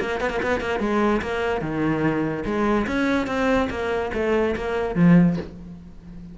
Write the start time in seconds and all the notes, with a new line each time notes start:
0.00 A#3
0.21 B3
0.30 A#3
0.42 B3
0.61 A#3
0.80 G#3
1.21 A#3
1.61 D#3
2.45 G#3
2.86 C#4
3.27 C4
3.70 A#3
4.14 A3
4.56 A#3
4.95 F3